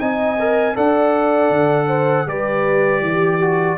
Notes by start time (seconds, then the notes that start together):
0.00 C4 D#4 D#5 G#5
0.40 A#4
0.75 D4 A4 D5 F#5
1.50 D3
1.88 C5
2.27 G3 G4 B4 D5
3.01 E3 G4
3.40 F#4